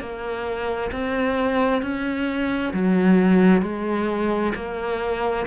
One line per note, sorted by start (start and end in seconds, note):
0.00 0.91 A#3
0.91 1.82 C4
1.82 2.73 C#4
2.73 3.62 F#3
3.62 4.53 G#3
4.55 5.46 A#3